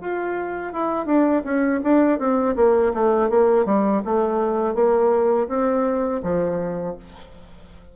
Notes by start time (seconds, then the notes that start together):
0.00 F4
0.73 E4
1.05 D4
1.44 C#4
1.83 D4
2.19 C4
2.55 A#3
2.94 A3
3.30 A#3
3.65 G3
4.05 A3
4.74 A#3
5.48 C4
6.23 F3